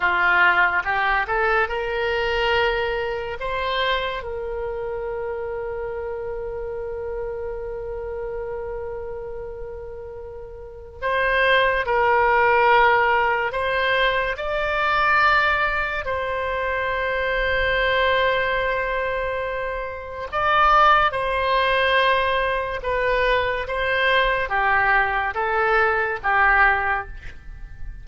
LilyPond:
\new Staff \with { instrumentName = "oboe" } { \time 4/4 \tempo 4 = 71 f'4 g'8 a'8 ais'2 | c''4 ais'2.~ | ais'1~ | ais'4 c''4 ais'2 |
c''4 d''2 c''4~ | c''1 | d''4 c''2 b'4 | c''4 g'4 a'4 g'4 | }